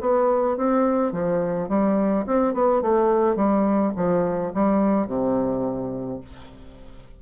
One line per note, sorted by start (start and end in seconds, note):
0.00 0.57 B3
0.57 1.12 C4
1.12 1.68 F3
1.68 2.25 G3
2.26 2.53 C4
2.53 2.81 B3
2.81 3.36 A3
3.36 3.92 G3
3.96 4.52 F3
4.53 5.06 G3
5.06 6.20 C3